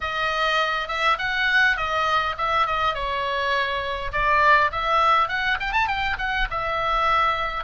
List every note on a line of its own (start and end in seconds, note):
0.01 0.88 D#5
0.88 1.17 E5
1.18 1.76 F#5
1.76 2.35 D#5
2.37 2.66 E5
2.66 2.94 D#5
2.94 4.12 C#5
4.12 4.71 D5
4.71 5.28 E5
5.28 5.57 F#5
5.60 5.72 G5
5.72 5.87 A5
5.87 6.16 G5
6.18 6.48 F#5
6.50 7.63 E5